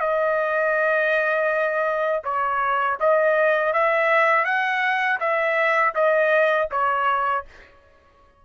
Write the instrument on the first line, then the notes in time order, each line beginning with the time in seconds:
trumpet
0.00 D#5
2.24 C#5
3.00 D#5
3.73 E5
4.45 F#5
5.20 E5
5.95 D#5
6.71 C#5